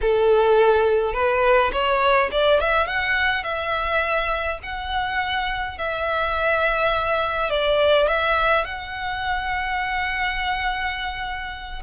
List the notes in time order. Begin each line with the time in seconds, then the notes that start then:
0.01 A4
1.13 B4
1.72 C#5
2.31 D5
2.60 E5
2.86 F#5
3.43 E5
4.63 F#5
5.78 E5
7.50 D5
8.07 E5
8.65 F#5